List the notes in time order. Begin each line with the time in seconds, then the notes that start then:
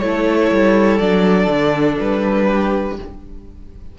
0.00 A3 E4 A4 C#5
0.51 G3
0.99 F#3 D4 D5
1.48 D3
2.00 G3 B4
2.46 G4